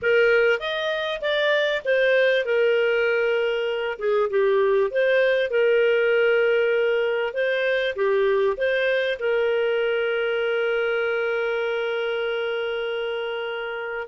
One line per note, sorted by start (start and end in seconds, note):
0.02 0.59 A#4
0.59 1.21 D#5
1.21 1.82 D5
1.85 2.45 C5
2.45 3.98 A#4
3.99 4.29 G#4
4.30 4.90 G4
4.90 5.50 C5
5.50 7.33 A#4
7.33 7.94 C5
7.95 8.56 G4
8.57 9.18 C5
9.19 14.07 A#4